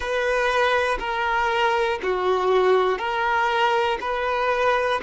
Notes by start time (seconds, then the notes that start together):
0.00 B4
0.99 A#4
2.03 F#4
2.98 A#4
4.00 B4